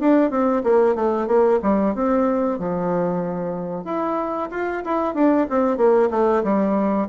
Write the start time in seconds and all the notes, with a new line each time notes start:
0.00 D4
0.30 C4
0.63 A#3
0.95 A3
1.27 A#3
1.62 G3
1.94 C4
2.59 F3
3.84 E4
4.50 F4
4.84 E4
5.14 D4
5.49 C4
5.77 A#3
6.10 A3
6.43 G3